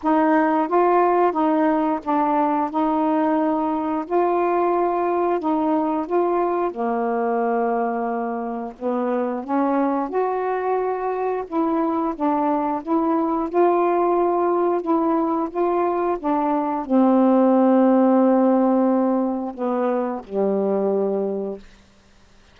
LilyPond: \new Staff \with { instrumentName = "saxophone" } { \time 4/4 \tempo 4 = 89 dis'4 f'4 dis'4 d'4 | dis'2 f'2 | dis'4 f'4 ais2~ | ais4 b4 cis'4 fis'4~ |
fis'4 e'4 d'4 e'4 | f'2 e'4 f'4 | d'4 c'2.~ | c'4 b4 g2 | }